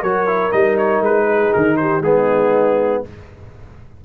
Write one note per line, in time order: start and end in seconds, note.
0.00 0.52 F#3
0.00 0.27 F#4
0.00 1.25 A#4
0.00 0.52 C#5
0.27 0.51 E4
0.51 1.00 G3
0.51 2.01 D#4
0.51 0.77 D#5
0.78 1.03 C#5
1.00 1.50 G#3
1.00 1.53 B4
1.26 1.76 G#4
1.53 2.01 D#3
1.53 1.77 A#4
1.77 2.04 G4
1.77 2.02 C5
2.01 3.01 G#3
2.01 3.04 B3
2.01 3.04 D#4
2.01 3.03 G#4